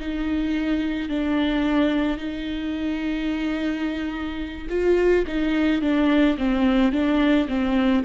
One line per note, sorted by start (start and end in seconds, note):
0.00 1.10 D#4
1.10 2.18 D4
2.18 4.68 D#4
4.70 5.26 F4
5.27 5.82 D#4
5.82 6.37 D4
6.38 6.92 C4
6.92 7.48 D4
7.49 8.05 C4